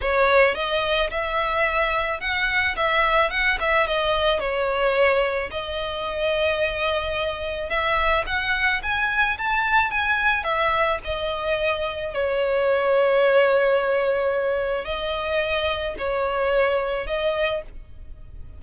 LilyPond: \new Staff \with { instrumentName = "violin" } { \time 4/4 \tempo 4 = 109 cis''4 dis''4 e''2 | fis''4 e''4 fis''8 e''8 dis''4 | cis''2 dis''2~ | dis''2 e''4 fis''4 |
gis''4 a''4 gis''4 e''4 | dis''2 cis''2~ | cis''2. dis''4~ | dis''4 cis''2 dis''4 | }